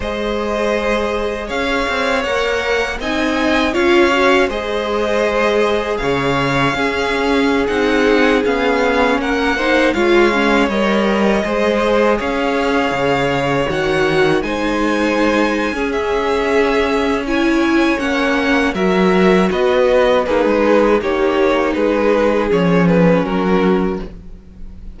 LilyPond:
<<
  \new Staff \with { instrumentName = "violin" } { \time 4/4 \tempo 4 = 80 dis''2 f''4 fis''4 | gis''4 f''4 dis''2 | f''2~ f''16 fis''4 f''8.~ | f''16 fis''4 f''4 dis''4.~ dis''16~ |
dis''16 f''2 fis''4 gis''8.~ | gis''4~ gis''16 e''4.~ e''16 gis''4 | fis''4 e''4 dis''4 b'4 | cis''4 b'4 cis''8 b'8 ais'4 | }
  \new Staff \with { instrumentName = "violin" } { \time 4/4 c''2 cis''2 | dis''4 cis''4 c''2 | cis''4 gis'2.~ | gis'16 ais'8 c''8 cis''2 c''8.~ |
c''16 cis''2. c''8.~ | c''4 gis'2 cis''4~ | cis''4 ais'4 b'4 dis'4 | g'4 gis'2 fis'4 | }
  \new Staff \with { instrumentName = "viola" } { \time 4/4 gis'2. ais'4 | dis'4 f'8 fis'8 gis'2~ | gis'4 cis'4~ cis'16 dis'4 cis'8.~ | cis'8. dis'8 f'8 cis'8 ais'4 gis'8.~ |
gis'2~ gis'16 fis'4 dis'8.~ | dis'4 cis'2 e'4 | cis'4 fis'2 gis'4 | dis'2 cis'2 | }
  \new Staff \with { instrumentName = "cello" } { \time 4/4 gis2 cis'8 c'8 ais4 | c'4 cis'4 gis2 | cis4 cis'4~ cis'16 c'4 b8.~ | b16 ais4 gis4 g4 gis8.~ |
gis16 cis'4 cis4 dis4 gis8.~ | gis4 cis'2. | ais4 fis4 b4 ais16 gis8. | ais4 gis4 f4 fis4 | }
>>